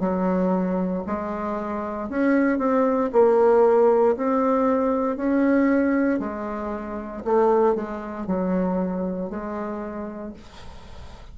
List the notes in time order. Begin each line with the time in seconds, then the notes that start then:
0.00 F#3
1.07 G#3
2.10 C#4
2.59 C4
3.13 A#3
4.17 C4
5.17 C#4
6.20 G#3
7.25 A3
7.75 G#3
8.27 F#3
9.30 G#3